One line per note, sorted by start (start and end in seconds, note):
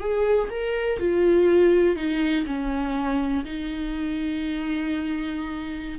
0.00 0.49 G#4
0.50 0.99 A#4
0.99 1.96 F4
1.96 2.45 D#4
2.46 3.45 C#4
3.45 6.00 D#4